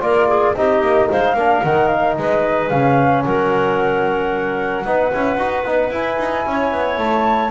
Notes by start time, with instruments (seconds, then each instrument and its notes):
0.00 double bass A#3, trombone F4, clarinet A#4, flute D5
0.28 clarinet G#4
0.55 double bass C4, trombone D#4, clarinet G4, flute D#5
0.81 double bass A#3
1.09 double bass G#3, clarinet C5, flute F5
1.34 double bass A#3, trombone D4, clarinet A#4
1.64 double bass D#3, trombone D#4, flute F#5
1.87 flute F5
2.15 double bass G#3, clarinet B4, flute D#5
2.69 double bass C#3, trombone C#4, flute F5
3.24 double bass F#3, clarinet A#4, flute F#5
4.85 double bass B3, trombone D#4, clarinet B4
5.12 double bass C#4, trombone E4
5.37 double bass D#4, trombone F#4
5.64 double bass B3, trombone D#4
5.90 double bass E4, trombone E4, flute G#5
6.18 double bass D#4
6.45 double bass C#4, clarinet C#5
6.72 double bass B3
6.97 double bass A3, flute A5